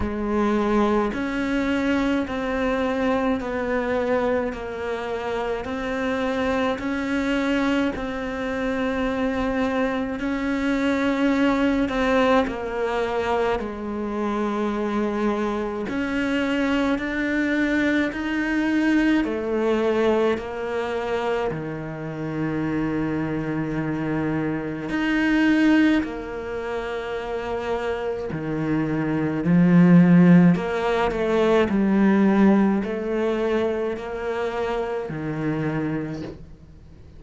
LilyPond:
\new Staff \with { instrumentName = "cello" } { \time 4/4 \tempo 4 = 53 gis4 cis'4 c'4 b4 | ais4 c'4 cis'4 c'4~ | c'4 cis'4. c'8 ais4 | gis2 cis'4 d'4 |
dis'4 a4 ais4 dis4~ | dis2 dis'4 ais4~ | ais4 dis4 f4 ais8 a8 | g4 a4 ais4 dis4 | }